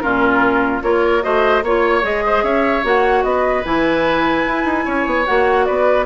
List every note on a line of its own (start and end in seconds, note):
0.00 0.83 A#2
0.00 0.83 C#4
0.00 0.83 F4
0.00 0.81 A#4
0.83 1.23 A#3
0.83 1.22 F4
0.83 1.24 A#4
0.83 1.23 C#5
1.22 1.63 A3
1.22 1.62 F#4
1.22 1.64 C5
1.22 1.64 D#5
1.63 2.03 A#3
1.63 2.02 F4
1.63 2.24 C#5
1.63 2.05 C#5
2.02 2.43 G#3
2.02 2.83 G#4
2.02 2.44 D#5
2.26 2.44 C5
2.43 2.83 C#4
2.43 3.24 C#5
2.43 2.85 E5
2.83 3.24 A#3
2.83 3.64 F#4
2.83 3.24 F#5
3.24 3.64 B3
3.24 4.85 B4
3.24 3.64 D#5
3.64 4.46 E3
3.64 5.25 E4
3.64 5.26 G#5
4.47 4.65 E4
4.65 4.85 D#4
4.85 5.06 C#4
4.85 5.66 C#5
5.06 5.26 B3
5.26 5.69 A#3
5.26 6.06 F#4
5.26 5.65 F#5
5.65 6.06 B3
5.65 6.06 B4
5.65 6.05 D5